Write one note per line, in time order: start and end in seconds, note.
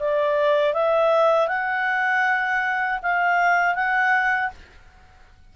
0.00 0.74 D5
0.74 1.48 E5
1.48 3.00 F#5
3.02 3.75 F5
3.75 4.51 F#5